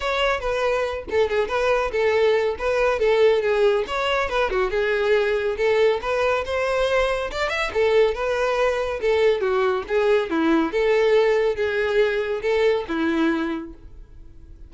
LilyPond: \new Staff \with { instrumentName = "violin" } { \time 4/4 \tempo 4 = 140 cis''4 b'4. a'8 gis'8 b'8~ | b'8 a'4. b'4 a'4 | gis'4 cis''4 b'8 fis'8 gis'4~ | gis'4 a'4 b'4 c''4~ |
c''4 d''8 e''8 a'4 b'4~ | b'4 a'4 fis'4 gis'4 | e'4 a'2 gis'4~ | gis'4 a'4 e'2 | }